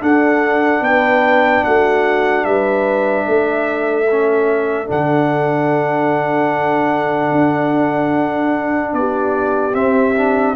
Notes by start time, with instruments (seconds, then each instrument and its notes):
0.00 trombone D4, tuba D4, horn A4, trumpet F#5
0.81 tuba B3, horn B4, trumpet G5
1.64 tuba A3, horn F#4, trumpet F#5
2.45 tuba G3, horn B4, trumpet E5
3.26 tuba A3, horn A4
4.11 trombone C#4
4.86 tuba D3, trombone D4, trumpet F#5
7.31 tuba D4
8.93 tuba B3, horn G4, trumpet D5
9.74 trombone C4, tuba C4, trumpet E5
10.15 trombone D4